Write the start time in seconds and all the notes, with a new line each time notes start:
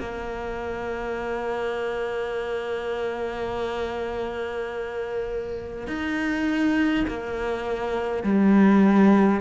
0.00 A#3
5.88 D#4
7.08 A#3
8.24 G3